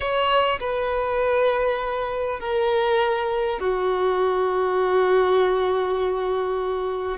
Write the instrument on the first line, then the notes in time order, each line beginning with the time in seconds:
violin
0.00 C#5
0.60 B4
2.40 A#4
3.59 F#4